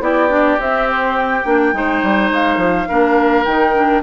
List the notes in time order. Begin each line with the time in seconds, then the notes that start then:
0.00 B3 E4 G4 D5
0.29 D4
0.59 C4 E5
0.91 C5
1.17 G5
1.45 A#3 D4
1.73 G#3 D#4 C5
2.03 G3
2.31 G#3 F5
2.56 F3
2.88 A#3 D4 A#4
3.45 D#3 D#4 G5
3.75 D4